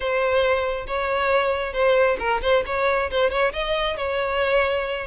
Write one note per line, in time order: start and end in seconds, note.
0.00 0.86 C5
0.86 1.73 C#5
1.73 2.17 C5
2.19 2.41 A#4
2.42 2.64 C5
2.66 3.10 C#5
3.10 3.30 C5
3.30 3.52 C#5
3.52 3.96 D#5
3.96 5.07 C#5